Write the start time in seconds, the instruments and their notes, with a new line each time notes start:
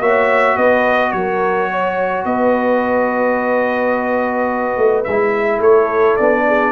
0.00 tuba A#3, trombone F#4, horn C#5, trumpet E5
0.56 tuba B3, horn B4, trumpet D#5
1.12 tuba F#3, horn A#4, trumpet C#5
1.71 horn C#5
2.25 tuba B3, horn B4, trumpet D#5
4.77 tuba A3
5.04 tuba G#3, trumpet E5
5.10 trombone E4
5.59 tuba A3, horn A4, trumpet C#5
6.17 tuba B3, trombone D4, trumpet D5
6.47 horn G#4